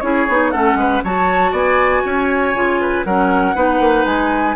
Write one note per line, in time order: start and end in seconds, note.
0.00 0.27 C#4
0.00 0.27 E4
0.00 0.52 G#4
0.00 0.50 C#5
0.28 0.53 B3
0.28 0.53 D#4
0.50 0.74 A3
0.50 1.03 C#4
0.50 0.77 A4
0.50 1.01 F#5
0.74 1.00 G#3
0.74 1.03 B4
1.03 1.52 F#3
1.03 2.54 F#4
1.03 1.51 C#5
1.03 1.55 A5
1.51 2.02 B3
1.51 2.02 D5
1.51 3.04 G#5
2.05 2.54 C#4
2.05 2.81 C#5
2.54 3.04 C#3
2.54 3.05 F4
2.81 3.05 B4
3.04 3.55 F#3
3.04 3.55 C#4
3.04 3.55 A#4
3.04 4.05 F#5
3.55 3.79 B3
3.55 4.56 D#4
3.55 4.56 B4
3.79 4.05 A#3
4.05 4.55 G#3
4.05 4.56 G#5